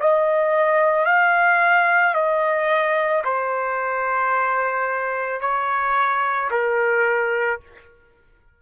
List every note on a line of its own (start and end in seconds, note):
0.00 1.06 D#5
1.06 2.14 F5
2.14 3.23 D#5
3.24 5.40 C5
5.40 6.50 C#5
6.51 7.60 A#4